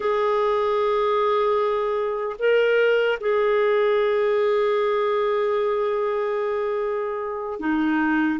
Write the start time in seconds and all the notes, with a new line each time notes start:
0.00 G#4
2.39 A#4
3.20 G#4
7.59 D#4